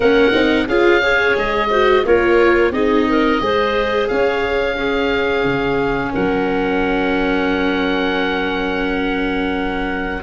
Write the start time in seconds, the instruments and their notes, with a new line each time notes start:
0.00 tuba A#3, viola C#4, clarinet A#4, oboe F#5
0.32 tuba C4, viola D#4
0.67 tuba C#4, viola F4, clarinet G#4, oboe F5
1.01 viola G#4, clarinet C#5
1.36 tuba G#3, oboe D#5
1.70 viola F#4, clarinet C5
2.05 tuba A#3, viola F4, clarinet A#4, oboe C#5
2.71 tuba C4, viola D#4, clarinet G#4, oboe D#5
3.08 clarinet A#4
3.40 tuba G#3, viola G#4, clarinet C5
4.08 tuba C#4, clarinet C#5, oboe F5
4.75 viola C#4, clarinet G#4
5.44 tuba C#3
6.11 tuba F#3, clarinet A#4, oboe F#5